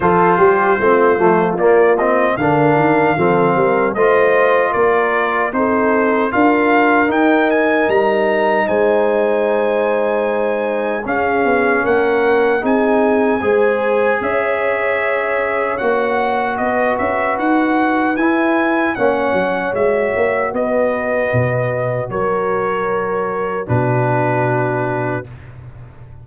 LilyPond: <<
  \new Staff \with { instrumentName = "trumpet" } { \time 4/4 \tempo 4 = 76 c''2 d''8 dis''8 f''4~ | f''4 dis''4 d''4 c''4 | f''4 g''8 gis''8 ais''4 gis''4~ | gis''2 f''4 fis''4 |
gis''2 e''2 | fis''4 dis''8 e''8 fis''4 gis''4 | fis''4 e''4 dis''2 | cis''2 b'2 | }
  \new Staff \with { instrumentName = "horn" } { \time 4/4 a'8 g'8 f'2 ais'4 | a'8 ais'8 c''4 ais'4 a'4 | ais'2. c''4~ | c''2 gis'4 ais'4 |
gis'4 c''4 cis''2~ | cis''4 b'2. | cis''2 b'2 | ais'2 fis'2 | }
  \new Staff \with { instrumentName = "trombone" } { \time 4/4 f'4 c'8 a8 ais8 c'8 d'4 | c'4 f'2 dis'4 | f'4 dis'2.~ | dis'2 cis'2 |
dis'4 gis'2. | fis'2. e'4 | cis'4 fis'2.~ | fis'2 d'2 | }
  \new Staff \with { instrumentName = "tuba" } { \time 4/4 f8 g8 a8 f8 ais4 d8 dis8 | f8 g8 a4 ais4 c'4 | d'4 dis'4 g4 gis4~ | gis2 cis'8 b8 ais4 |
c'4 gis4 cis'2 | ais4 b8 cis'8 dis'4 e'4 | ais8 fis8 gis8 ais8 b4 b,4 | fis2 b,2 | }
>>